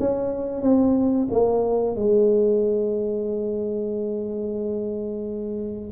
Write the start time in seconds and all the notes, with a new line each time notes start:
0.00 C#4
0.62 C4
1.31 A#3
1.96 G#3